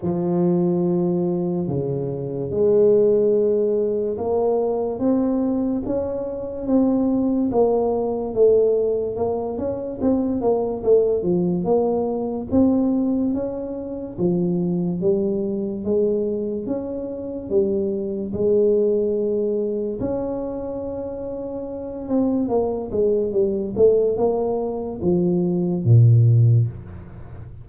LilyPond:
\new Staff \with { instrumentName = "tuba" } { \time 4/4 \tempo 4 = 72 f2 cis4 gis4~ | gis4 ais4 c'4 cis'4 | c'4 ais4 a4 ais8 cis'8 | c'8 ais8 a8 f8 ais4 c'4 |
cis'4 f4 g4 gis4 | cis'4 g4 gis2 | cis'2~ cis'8 c'8 ais8 gis8 | g8 a8 ais4 f4 ais,4 | }